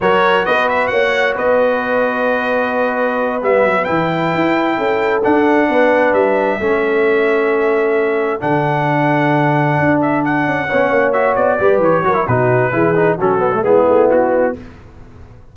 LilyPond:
<<
  \new Staff \with { instrumentName = "trumpet" } { \time 4/4 \tempo 4 = 132 cis''4 dis''8 e''8 fis''4 dis''4~ | dis''2.~ dis''8 e''8~ | e''8 g''2. fis''8~ | fis''4. e''2~ e''8~ |
e''2~ e''8 fis''4.~ | fis''2 e''8 fis''4.~ | fis''8 e''8 d''4 cis''4 b'4~ | b'4 a'4 gis'4 fis'4 | }
  \new Staff \with { instrumentName = "horn" } { \time 4/4 ais'4 b'4 cis''4 b'4~ | b'1~ | b'2~ b'8 a'4.~ | a'8 b'2 a'4.~ |
a'1~ | a'2.~ a'8 cis''8~ | cis''4. b'4 ais'8 fis'4 | gis'4 fis'4 e'2 | }
  \new Staff \with { instrumentName = "trombone" } { \time 4/4 fis'1~ | fis'2.~ fis'8 b8~ | b8 e'2. d'8~ | d'2~ d'8 cis'4.~ |
cis'2~ cis'8 d'4.~ | d'2.~ d'8 cis'8~ | cis'8 fis'4 g'4 fis'16 e'16 dis'4 | e'8 dis'8 cis'8 b16 a16 b2 | }
  \new Staff \with { instrumentName = "tuba" } { \time 4/4 fis4 b4 ais4 b4~ | b2.~ b8 g8 | fis8 e4 e'4 cis'4 d'8~ | d'8 b4 g4 a4.~ |
a2~ a8 d4.~ | d4. d'4. cis'8 b8 | ais4 b8 g8 e8 fis8 b,4 | e4 fis4 gis8 a8 b4 | }
>>